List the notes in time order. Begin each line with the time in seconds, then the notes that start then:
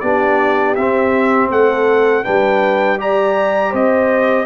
0.00 B3 D4 G4 D5
0.75 C4 E5
1.50 A3 A4 F#5
2.24 G3 D4 B4 G5
2.98 G4 D5 A#5
3.71 C4 C5 D#5